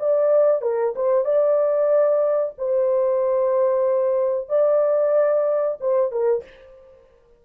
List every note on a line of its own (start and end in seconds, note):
0.00 0.62 D5
0.62 0.94 A#4
0.96 1.25 C5
1.25 2.54 D5
2.58 4.50 C5
4.50 5.79 D5
5.81 6.12 C5
6.12 6.44 A#4